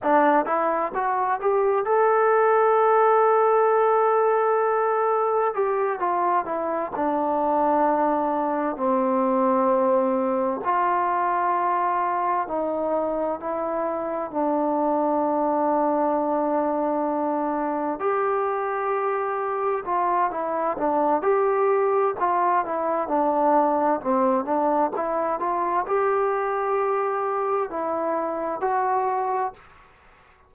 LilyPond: \new Staff \with { instrumentName = "trombone" } { \time 4/4 \tempo 4 = 65 d'8 e'8 fis'8 g'8 a'2~ | a'2 g'8 f'8 e'8 d'8~ | d'4. c'2 f'8~ | f'4. dis'4 e'4 d'8~ |
d'2.~ d'8 g'8~ | g'4. f'8 e'8 d'8 g'4 | f'8 e'8 d'4 c'8 d'8 e'8 f'8 | g'2 e'4 fis'4 | }